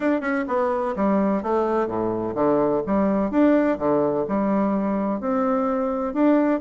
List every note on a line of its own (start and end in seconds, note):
0.00 0.20 D4
0.20 0.44 C#4
0.47 0.94 B3
0.96 1.42 G3
1.42 1.87 A3
1.87 2.34 A2
2.35 2.82 D3
2.86 3.30 G3
3.30 3.78 D4
3.78 4.25 D3
4.28 5.20 G3
5.20 6.13 C4
6.13 6.60 D4